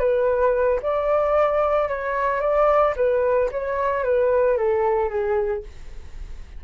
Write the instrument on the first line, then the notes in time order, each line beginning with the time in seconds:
flute
0.00 B4
0.83 D5
1.89 C#5
2.41 D5
2.97 B4
3.52 C#5
4.04 B4
4.58 A4
5.10 G#4